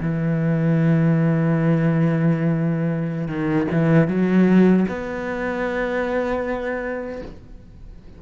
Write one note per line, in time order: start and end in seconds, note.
0.00 3.28 E3
3.28 3.67 D#3
3.71 4.08 E3
4.08 4.86 F#3
4.88 7.22 B3